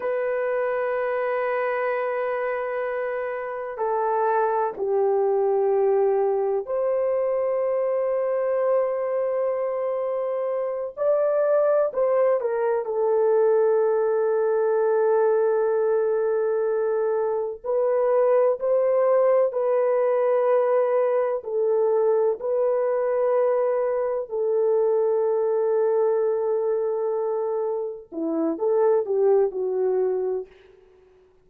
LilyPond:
\new Staff \with { instrumentName = "horn" } { \time 4/4 \tempo 4 = 63 b'1 | a'4 g'2 c''4~ | c''2.~ c''8 d''8~ | d''8 c''8 ais'8 a'2~ a'8~ |
a'2~ a'8 b'4 c''8~ | c''8 b'2 a'4 b'8~ | b'4. a'2~ a'8~ | a'4. e'8 a'8 g'8 fis'4 | }